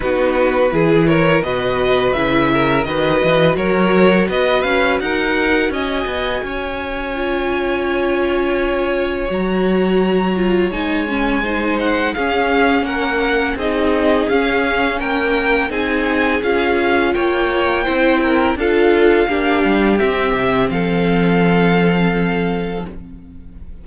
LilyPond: <<
  \new Staff \with { instrumentName = "violin" } { \time 4/4 \tempo 4 = 84 b'4. cis''8 dis''4 e''4 | dis''4 cis''4 dis''8 f''8 fis''4 | gis''1~ | gis''4 ais''2 gis''4~ |
gis''8 fis''8 f''4 fis''4 dis''4 | f''4 g''4 gis''4 f''4 | g''2 f''2 | e''4 f''2. | }
  \new Staff \with { instrumentName = "violin" } { \time 4/4 fis'4 gis'8 ais'8 b'4. ais'8 | b'4 ais'4 b'4 ais'4 | dis''4 cis''2.~ | cis''1 |
c''4 gis'4 ais'4 gis'4~ | gis'4 ais'4 gis'2 | cis''4 c''8 ais'8 a'4 g'4~ | g'4 a'2. | }
  \new Staff \with { instrumentName = "viola" } { \time 4/4 dis'4 e'4 fis'4 e'4 | fis'1~ | fis'2 f'2~ | f'4 fis'4. f'8 dis'8 cis'8 |
dis'4 cis'2 dis'4 | cis'2 dis'4 f'4~ | f'4 e'4 f'4 d'4 | c'1 | }
  \new Staff \with { instrumentName = "cello" } { \time 4/4 b4 e4 b,4 cis4 | dis8 e8 fis4 b8 cis'8 dis'4 | cis'8 b8 cis'2.~ | cis'4 fis2 gis4~ |
gis4 cis'4 ais4 c'4 | cis'4 ais4 c'4 cis'4 | ais4 c'4 d'4 ais8 g8 | c'8 c8 f2. | }
>>